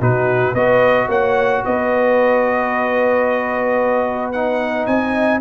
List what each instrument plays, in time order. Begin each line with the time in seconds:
0.00 tuba B2, trombone D#4, horn F#4, trumpet B4
0.53 tuba B3, trombone F#4, horn B4, trumpet D#5
1.08 tuba A#3, horn C#5, trumpet F#5
1.64 tuba B3, horn B4, trumpet D#5
4.32 trombone D#4, trumpet F#5
4.86 tuba C4, horn D#5, trumpet G#5